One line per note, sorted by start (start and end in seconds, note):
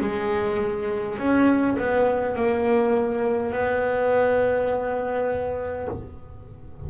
0.00 1.18 G#3
1.18 1.76 C#4
1.78 2.35 B3
2.35 3.52 A#3
3.52 5.87 B3